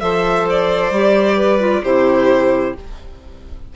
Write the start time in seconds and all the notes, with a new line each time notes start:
0.00 F3 A4 C5 E5
0.50 D5
0.90 G3 G4
1.36 B4
1.60 F4
1.83 C3 E4 G4 C5